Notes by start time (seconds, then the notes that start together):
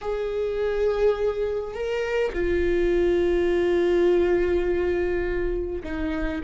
0.01 G#4
1.74 A#4
2.33 F4
5.83 D#4